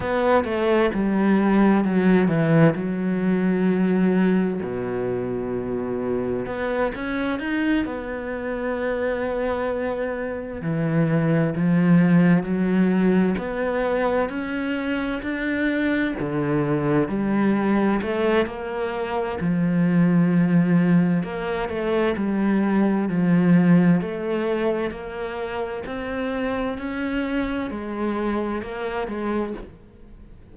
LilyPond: \new Staff \with { instrumentName = "cello" } { \time 4/4 \tempo 4 = 65 b8 a8 g4 fis8 e8 fis4~ | fis4 b,2 b8 cis'8 | dis'8 b2. e8~ | e8 f4 fis4 b4 cis'8~ |
cis'8 d'4 d4 g4 a8 | ais4 f2 ais8 a8 | g4 f4 a4 ais4 | c'4 cis'4 gis4 ais8 gis8 | }